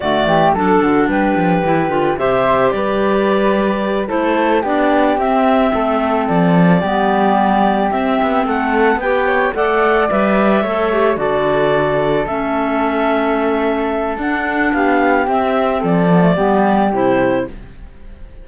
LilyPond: <<
  \new Staff \with { instrumentName = "clarinet" } { \time 4/4 \tempo 4 = 110 d''4 a'4 b'2 | e''4 d''2~ d''8 c''8~ | c''8 d''4 e''2 d''8~ | d''2~ d''8 e''4 fis''8~ |
fis''8 g''4 fis''4 e''4.~ | e''8 d''2 e''4.~ | e''2 fis''4 f''4 | e''4 d''2 c''4 | }
  \new Staff \with { instrumentName = "flute" } { \time 4/4 fis'8 g'8 a'8 fis'8 g'2 | c''4 b'2~ b'8 a'8~ | a'8 g'2 a'4.~ | a'8 g'2. a'8~ |
a'8 b'8 cis''8 d''2 cis''8~ | cis''8 a'2.~ a'8~ | a'2. g'4~ | g'4 a'4 g'2 | }
  \new Staff \with { instrumentName = "clarinet" } { \time 4/4 a4 d'2 e'8 f'8 | g'2.~ g'8 e'8~ | e'8 d'4 c'2~ c'8~ | c'8 b2 c'4.~ |
c'8 g'4 a'4 b'4 a'8 | g'8 fis'2 cis'4.~ | cis'2 d'2 | c'4. b16 a16 b4 e'4 | }
  \new Staff \with { instrumentName = "cello" } { \time 4/4 d8 e8 fis8 d8 g8 f8 e8 d8 | c4 g2~ g8 a8~ | a8 b4 c'4 a4 f8~ | f8 g2 c'8 b8 a8~ |
a8 b4 a4 g4 a8~ | a8 d2 a4.~ | a2 d'4 b4 | c'4 f4 g4 c4 | }
>>